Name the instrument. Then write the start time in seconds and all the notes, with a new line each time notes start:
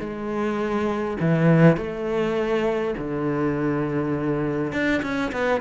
cello
0.00 G#3
1.20 E3
1.77 A3
2.98 D3
4.73 D4
5.03 C#4
5.32 B3